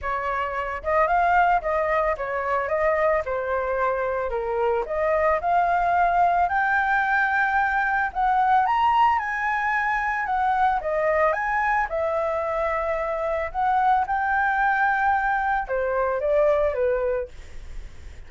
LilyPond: \new Staff \with { instrumentName = "flute" } { \time 4/4 \tempo 4 = 111 cis''4. dis''8 f''4 dis''4 | cis''4 dis''4 c''2 | ais'4 dis''4 f''2 | g''2. fis''4 |
ais''4 gis''2 fis''4 | dis''4 gis''4 e''2~ | e''4 fis''4 g''2~ | g''4 c''4 d''4 b'4 | }